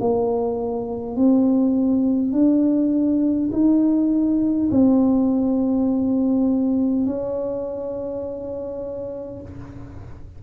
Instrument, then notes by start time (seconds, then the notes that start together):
tuba
0.00 A#3
1.16 C4
2.33 D4
3.52 D#4
4.71 C4
7.06 C#4